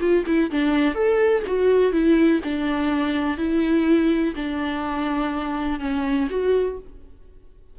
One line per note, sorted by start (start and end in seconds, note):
0.00 0.24 F4
0.26 0.50 E4
0.51 0.95 D4
0.95 1.43 A4
1.47 1.92 F#4
1.92 2.40 E4
2.44 3.37 D4
3.37 4.34 E4
4.35 5.80 D4
5.80 6.28 C#4
6.30 6.78 F#4